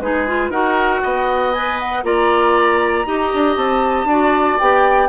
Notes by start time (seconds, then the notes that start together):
0.00 G#3 D#4 G#4 B4
0.27 F4
0.50 D#4 F#4 A#4 F#5
1.03 B3 D#5
1.53 B4 G#5
1.79 F#5
2.04 A#3 F4 D5 A#5
3.07 D#4 G4 D#5
3.34 D4
3.57 C4 A5
4.05 D4 F#4 D5
4.60 B3 G4 G5